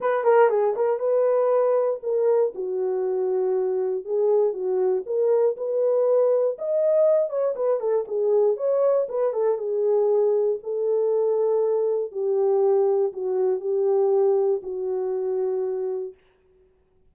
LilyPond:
\new Staff \with { instrumentName = "horn" } { \time 4/4 \tempo 4 = 119 b'8 ais'8 gis'8 ais'8 b'2 | ais'4 fis'2. | gis'4 fis'4 ais'4 b'4~ | b'4 dis''4. cis''8 b'8 a'8 |
gis'4 cis''4 b'8 a'8 gis'4~ | gis'4 a'2. | g'2 fis'4 g'4~ | g'4 fis'2. | }